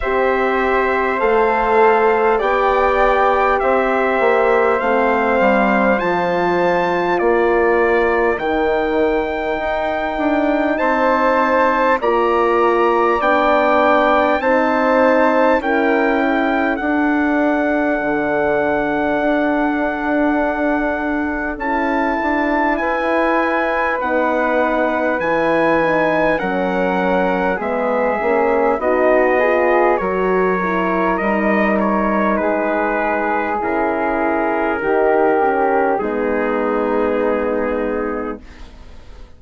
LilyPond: <<
  \new Staff \with { instrumentName = "trumpet" } { \time 4/4 \tempo 4 = 50 e''4 f''4 g''4 e''4 | f''4 a''4 d''4 g''4~ | g''4 a''4 ais''4 g''4 | a''4 g''4 fis''2~ |
fis''2 a''4 gis''4 | fis''4 gis''4 fis''4 e''4 | dis''4 cis''4 dis''8 cis''8 b'4 | ais'2 gis'2 | }
  \new Staff \with { instrumentName = "flute" } { \time 4/4 c''2 d''4 c''4~ | c''2 ais'2~ | ais'4 c''4 d''2 | c''4 ais'8 a'2~ a'8~ |
a'2. b'4~ | b'2 ais'4 gis'4 | fis'8 gis'8 ais'2 gis'4~ | gis'4 g'4 dis'2 | }
  \new Staff \with { instrumentName = "horn" } { \time 4/4 g'4 a'4 g'2 | c'4 f'2 dis'4~ | dis'2 f'4 d'4 | dis'4 e'4 d'2~ |
d'2 e'2 | dis'4 e'8 dis'8 cis'4 b8 cis'8 | dis'8 f'8 fis'8 e'8 dis'2 | e'4 dis'8 cis'8 b2 | }
  \new Staff \with { instrumentName = "bassoon" } { \time 4/4 c'4 a4 b4 c'8 ais8 | a8 g8 f4 ais4 dis4 | dis'8 d'8 c'4 ais4 b4 | c'4 cis'4 d'4 d4 |
d'2 cis'8 d'8 e'4 | b4 e4 fis4 gis8 ais8 | b4 fis4 g4 gis4 | cis4 dis4 gis2 | }
>>